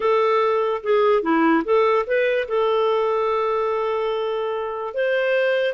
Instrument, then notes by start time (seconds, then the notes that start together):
clarinet
0.00 A4
0.83 G#4
1.22 E4
1.64 A4
2.06 B4
2.48 A4
4.94 C5